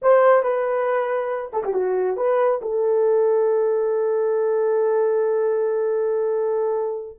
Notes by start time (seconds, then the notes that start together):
0.02 C5
0.42 B4
1.52 A4
1.64 G4
1.73 F#4
2.16 B4
2.61 A4